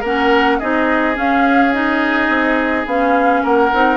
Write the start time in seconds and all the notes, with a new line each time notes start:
0.00 A#3 C#4 A#4 F#5
0.59 C4 D#4 G#4 D#5
1.14 C#4 F5
1.73 D#4 D#5
2.28 C4
2.85 B3 C#4 F5
3.43 A#3 A#4 F#5
3.72 C4 D#4